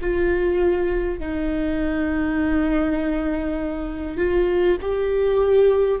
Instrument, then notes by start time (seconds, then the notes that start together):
viola
0.00 F4
1.19 D#4
4.17 F4
4.81 G4